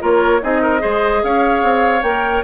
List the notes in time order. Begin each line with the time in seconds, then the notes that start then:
0.00 A#3 F4 A#4 C#5
0.41 C4 D#4 G#4 D#5
0.62 A#4
0.79 G#3 G#4 C5
1.23 C#4 C#5 F5
1.63 C4
2.03 A#3 A#4 G5